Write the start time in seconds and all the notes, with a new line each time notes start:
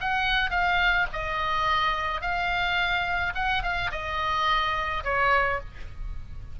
0.00 F#5
0.50 F5
1.13 D#5
2.21 F5
3.34 F#5
3.62 F5
3.91 D#5
5.04 C#5